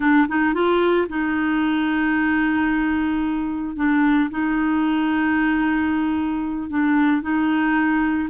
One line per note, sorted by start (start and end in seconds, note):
0.00 0.27 D4
0.28 0.54 D#4
0.54 1.07 F4
1.09 3.75 D#4
3.75 4.29 D4
4.30 6.69 D#4
6.69 7.22 D4
7.22 8.29 D#4